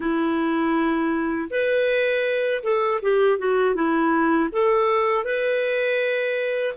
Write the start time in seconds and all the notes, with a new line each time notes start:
0.00 E4
1.50 B4
2.62 A4
3.01 G4
3.38 F#4
3.74 E4
4.52 A4
5.24 B4